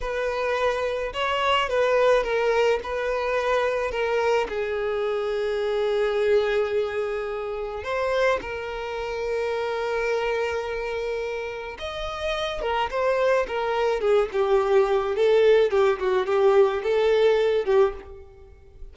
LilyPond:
\new Staff \with { instrumentName = "violin" } { \time 4/4 \tempo 4 = 107 b'2 cis''4 b'4 | ais'4 b'2 ais'4 | gis'1~ | gis'2 c''4 ais'4~ |
ais'1~ | ais'4 dis''4. ais'8 c''4 | ais'4 gis'8 g'4. a'4 | g'8 fis'8 g'4 a'4. g'8 | }